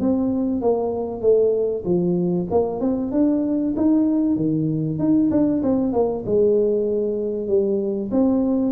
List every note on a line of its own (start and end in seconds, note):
0.00 0.61 C4
0.61 1.21 A#3
1.21 1.84 A3
1.85 2.47 F3
2.51 2.80 A#3
2.80 3.12 C4
3.12 3.74 D4
3.77 4.36 D#4
4.36 4.99 D#3
4.99 5.30 D#4
5.31 5.62 D4
5.63 5.93 C4
5.93 6.24 A#3
6.26 7.48 G#3
7.48 8.10 G3
8.12 8.72 C4